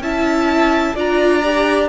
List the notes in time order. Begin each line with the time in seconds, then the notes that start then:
0.00 C#4 E4 E5 A5
0.96 D4 F4 D5 A#5
1.44 G4